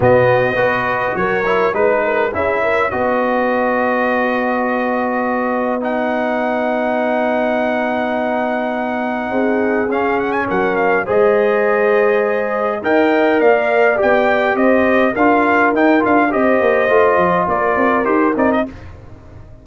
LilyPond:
<<
  \new Staff \with { instrumentName = "trumpet" } { \time 4/4 \tempo 4 = 103 dis''2 cis''4 b'4 | e''4 dis''2.~ | dis''2 fis''2~ | fis''1~ |
fis''4 f''8 fis''16 gis''16 fis''8 f''8 dis''4~ | dis''2 g''4 f''4 | g''4 dis''4 f''4 g''8 f''8 | dis''2 d''4 c''8 d''16 dis''16 | }
  \new Staff \with { instrumentName = "horn" } { \time 4/4 fis'4 b'4 ais'4 b'8 ais'8 | gis'8 ais'8 b'2.~ | b'1~ | b'1 |
gis'2 ais'4 c''4~ | c''2 dis''4 d''4~ | d''4 c''4 ais'2 | c''2 ais'2 | }
  \new Staff \with { instrumentName = "trombone" } { \time 4/4 b4 fis'4. e'8 dis'4 | e'4 fis'2.~ | fis'2 dis'2~ | dis'1~ |
dis'4 cis'2 gis'4~ | gis'2 ais'2 | g'2 f'4 dis'8 f'8 | g'4 f'2 g'8 dis'8 | }
  \new Staff \with { instrumentName = "tuba" } { \time 4/4 b,4 b4 fis4 gis4 | cis'4 b2.~ | b1~ | b1 |
c'4 cis'4 fis4 gis4~ | gis2 dis'4 ais4 | b4 c'4 d'4 dis'8 d'8 | c'8 ais8 a8 f8 ais8 c'8 dis'8 c'8 | }
>>